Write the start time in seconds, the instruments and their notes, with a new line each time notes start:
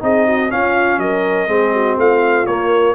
0.00 tuba C4, trombone D#4, horn G#4, trumpet D#5
0.27 horn F#4
0.51 trombone C#4, tuba C#4, horn F4, trumpet F5
0.98 tuba F#3, horn A#4, trumpet D#5
1.47 tuba G#3, trombone C4, horn G#4
1.73 horn F#4
1.98 tuba A3, horn F4, trumpet F5
2.46 tuba A#3, trombone A#3, trumpet C#5